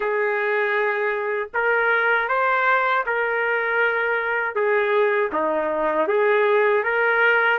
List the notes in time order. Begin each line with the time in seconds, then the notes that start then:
0.00 G#4
1.54 A#4
2.28 C5
3.06 A#4
4.55 G#4
5.32 D#4
6.07 G#4
6.84 A#4